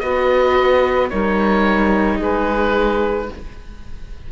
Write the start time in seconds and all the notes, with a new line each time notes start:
0.00 B3 F#4 B4 D#5
1.10 G3 D#4 A#4 C#5
2.17 G#3 G#4 B4